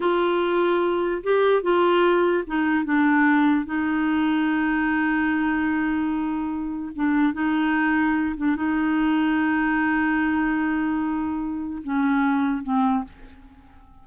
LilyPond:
\new Staff \with { instrumentName = "clarinet" } { \time 4/4 \tempo 4 = 147 f'2. g'4 | f'2 dis'4 d'4~ | d'4 dis'2.~ | dis'1~ |
dis'4 d'4 dis'2~ | dis'8 d'8 dis'2.~ | dis'1~ | dis'4 cis'2 c'4 | }